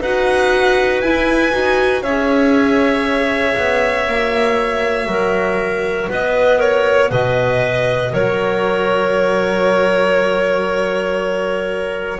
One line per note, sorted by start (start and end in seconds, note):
0.00 1.01 D#4
0.00 1.05 F#4
0.00 2.03 B4
0.00 1.01 F#5
1.01 1.52 E4
1.01 1.51 E4
1.01 2.03 G#5
1.51 2.03 D#4
1.51 2.02 F#4
2.03 3.55 C#4
2.03 4.07 G#4
2.03 5.08 C#5
2.03 6.09 E5
3.57 4.07 B3
4.07 5.07 A#3
4.07 12.20 F#4
5.07 6.08 F#3
5.07 6.09 A#4
6.09 7.11 B3
6.09 6.58 B4
6.09 6.60 D#5
6.58 7.09 A#4
6.58 7.11 C#5
7.10 8.13 B2
7.10 8.11 B4
7.10 8.14 D#5
8.12 12.20 F#3
8.12 12.19 A#4
8.12 12.20 C#5